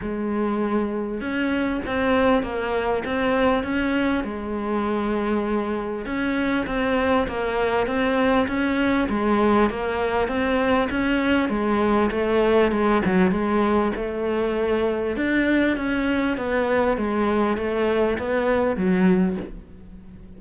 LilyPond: \new Staff \with { instrumentName = "cello" } { \time 4/4 \tempo 4 = 99 gis2 cis'4 c'4 | ais4 c'4 cis'4 gis4~ | gis2 cis'4 c'4 | ais4 c'4 cis'4 gis4 |
ais4 c'4 cis'4 gis4 | a4 gis8 fis8 gis4 a4~ | a4 d'4 cis'4 b4 | gis4 a4 b4 fis4 | }